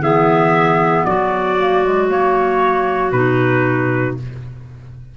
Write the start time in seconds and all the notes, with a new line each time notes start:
0.00 E3 B3 G#4 E5
1.05 F#3 F#4 D5
1.58 A#3
1.84 G#3
2.10 A#3 C#5
3.12 B2 D#4 B4